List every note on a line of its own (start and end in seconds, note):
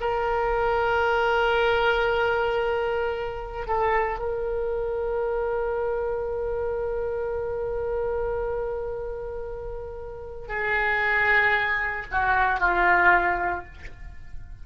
0.00 3.67 A#4
3.67 4.19 A4
4.19 10.48 A#4
10.48 12.06 G#4
12.11 12.60 F#4
12.60 13.65 F4